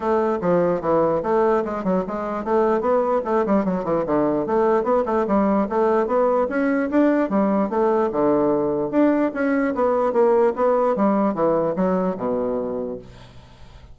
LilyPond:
\new Staff \with { instrumentName = "bassoon" } { \time 4/4 \tempo 4 = 148 a4 f4 e4 a4 | gis8 fis8 gis4 a4 b4 | a8 g8 fis8 e8 d4 a4 | b8 a8 g4 a4 b4 |
cis'4 d'4 g4 a4 | d2 d'4 cis'4 | b4 ais4 b4 g4 | e4 fis4 b,2 | }